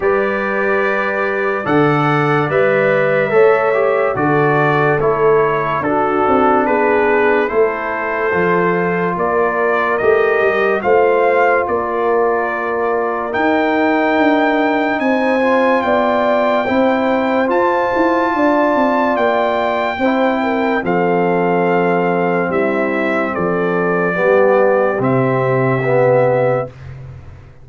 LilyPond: <<
  \new Staff \with { instrumentName = "trumpet" } { \time 4/4 \tempo 4 = 72 d''2 fis''4 e''4~ | e''4 d''4 cis''4 a'4 | b'4 c''2 d''4 | dis''4 f''4 d''2 |
g''2 gis''4 g''4~ | g''4 a''2 g''4~ | g''4 f''2 e''4 | d''2 e''2 | }
  \new Staff \with { instrumentName = "horn" } { \time 4/4 b'2 d''2 | cis''4 a'2 fis'4 | gis'4 a'2 ais'4~ | ais'4 c''4 ais'2~ |
ais'2 c''4 d''4 | c''2 d''2 | c''8 ais'8 a'2 e'4 | a'4 g'2. | }
  \new Staff \with { instrumentName = "trombone" } { \time 4/4 g'2 a'4 b'4 | a'8 g'8 fis'4 e'4 d'4~ | d'4 e'4 f'2 | g'4 f'2. |
dis'2~ dis'8 f'4. | e'4 f'2. | e'4 c'2.~ | c'4 b4 c'4 b4 | }
  \new Staff \with { instrumentName = "tuba" } { \time 4/4 g2 d4 g4 | a4 d4 a4 d'8 c'8 | b4 a4 f4 ais4 | a8 g8 a4 ais2 |
dis'4 d'4 c'4 b4 | c'4 f'8 e'8 d'8 c'8 ais4 | c'4 f2 g4 | f4 g4 c2 | }
>>